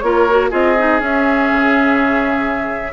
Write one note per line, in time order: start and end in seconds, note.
0.00 0.51 A#3
0.00 0.29 F4
0.00 0.51 A#4
0.00 0.49 C#5
0.30 0.51 F#4
0.51 1.01 C4
0.51 0.76 F4
0.51 2.93 G#4
0.51 1.01 D#5
0.79 0.99 D#4
0.99 2.93 C#4
0.99 1.50 C#4
0.99 2.93 E5
1.51 2.93 C#3